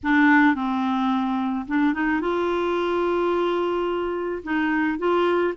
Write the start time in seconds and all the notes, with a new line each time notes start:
0.03 D4
0.54 C4
1.67 D4
1.93 D#4
2.20 F4
4.43 D#4
4.98 F4